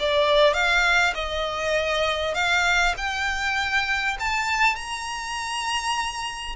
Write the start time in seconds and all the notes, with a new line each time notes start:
0.00 D5
0.54 F5
1.15 D#5
2.35 F5
2.98 G5
4.20 A5
4.76 A#5